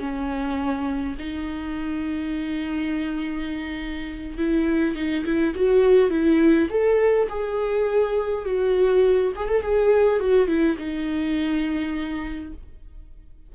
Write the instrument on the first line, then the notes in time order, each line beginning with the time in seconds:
viola
0.00 C#4
1.19 D#4
4.38 E4
4.96 D#4
5.26 E4
5.56 F#4
6.11 E4
6.70 A4
7.30 G#4
8.46 F#4
9.37 G#4
9.48 A4
9.63 G#4
10.20 F#4
10.48 E4
10.78 D#4